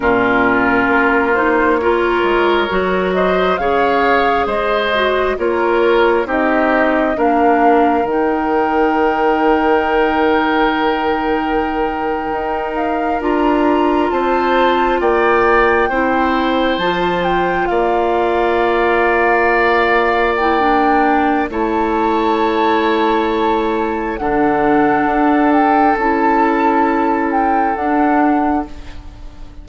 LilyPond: <<
  \new Staff \with { instrumentName = "flute" } { \time 4/4 \tempo 4 = 67 ais'4. c''8 cis''4. dis''8 | f''4 dis''4 cis''4 dis''4 | f''4 g''2.~ | g''2~ g''16 f''8 ais''4 a''16~ |
a''8. g''2 a''8 g''8 f''16~ | f''2~ f''8. g''4~ g''16 | a''2. fis''4~ | fis''8 g''8 a''4. g''8 fis''4 | }
  \new Staff \with { instrumentName = "oboe" } { \time 4/4 f'2 ais'4. c''8 | cis''4 c''4 ais'4 g'4 | ais'1~ | ais'2.~ ais'8. c''16~ |
c''8. d''4 c''2 d''16~ | d''1 | cis''2. a'4~ | a'1 | }
  \new Staff \with { instrumentName = "clarinet" } { \time 4/4 cis'4. dis'8 f'4 fis'4 | gis'4. fis'8 f'4 dis'4 | d'4 dis'2.~ | dis'2~ dis'8. f'4~ f'16~ |
f'4.~ f'16 e'4 f'4~ f'16~ | f'2~ f'8. e'16 d'4 | e'2. d'4~ | d'4 e'2 d'4 | }
  \new Staff \with { instrumentName = "bassoon" } { \time 4/4 ais,4 ais4. gis8 fis4 | cis4 gis4 ais4 c'4 | ais4 dis2.~ | dis4.~ dis16 dis'4 d'4 c'16~ |
c'8. ais4 c'4 f4 ais16~ | ais1 | a2. d4 | d'4 cis'2 d'4 | }
>>